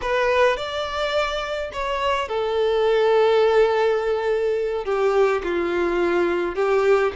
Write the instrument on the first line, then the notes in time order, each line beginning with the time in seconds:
violin
0.01 B4
0.56 D5
1.72 C#5
2.28 A4
4.84 G4
5.43 F4
6.55 G4